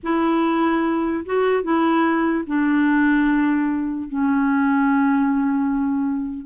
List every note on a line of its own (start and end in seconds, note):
0.03 1.24 E4
1.25 1.63 F#4
1.63 2.44 E4
2.47 4.08 D4
4.08 6.46 C#4